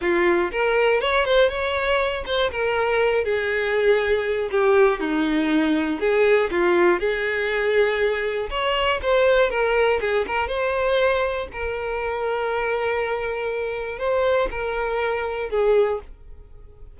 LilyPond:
\new Staff \with { instrumentName = "violin" } { \time 4/4 \tempo 4 = 120 f'4 ais'4 cis''8 c''8 cis''4~ | cis''8 c''8 ais'4. gis'4.~ | gis'4 g'4 dis'2 | gis'4 f'4 gis'2~ |
gis'4 cis''4 c''4 ais'4 | gis'8 ais'8 c''2 ais'4~ | ais'1 | c''4 ais'2 gis'4 | }